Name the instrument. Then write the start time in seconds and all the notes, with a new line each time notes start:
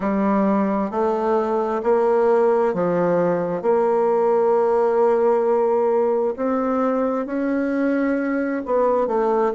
bassoon
0.00 G3
0.90 A3
1.83 A#3
2.74 F3
3.62 A#3
6.36 C4
7.26 C#4
8.65 B3
9.07 A3